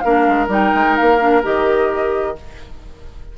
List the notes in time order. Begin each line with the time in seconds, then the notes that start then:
0.00 A#3 D4 A#4 F5
0.29 G#3
0.48 G3 D#4 G5
0.75 G#3
0.97 A#3 F5
1.19 D4
1.43 D#3 G4 D#5